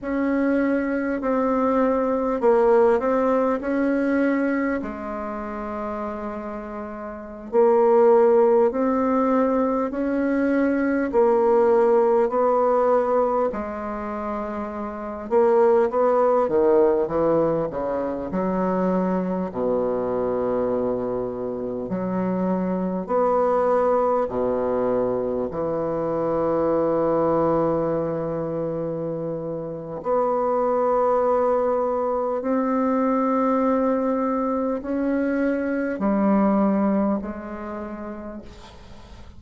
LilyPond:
\new Staff \with { instrumentName = "bassoon" } { \time 4/4 \tempo 4 = 50 cis'4 c'4 ais8 c'8 cis'4 | gis2~ gis16 ais4 c'8.~ | c'16 cis'4 ais4 b4 gis8.~ | gis8. ais8 b8 dis8 e8 cis8 fis8.~ |
fis16 b,2 fis4 b8.~ | b16 b,4 e2~ e8.~ | e4 b2 c'4~ | c'4 cis'4 g4 gis4 | }